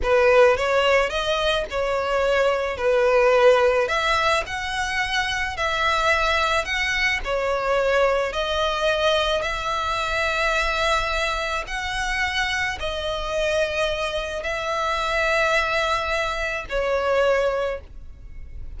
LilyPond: \new Staff \with { instrumentName = "violin" } { \time 4/4 \tempo 4 = 108 b'4 cis''4 dis''4 cis''4~ | cis''4 b'2 e''4 | fis''2 e''2 | fis''4 cis''2 dis''4~ |
dis''4 e''2.~ | e''4 fis''2 dis''4~ | dis''2 e''2~ | e''2 cis''2 | }